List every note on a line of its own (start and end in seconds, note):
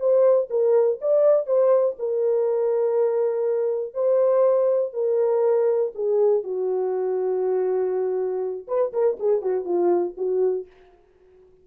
0.00 0.50 C5
0.50 1.00 A#4
1.01 1.47 D5
1.47 1.97 C5
1.99 3.94 A#4
3.94 4.94 C5
4.94 5.93 A#4
5.95 6.44 G#4
6.44 8.67 F#4
8.68 8.93 B4
8.93 9.18 A#4
9.20 9.42 G#4
9.42 9.65 F#4
9.65 10.15 F4
10.18 10.67 F#4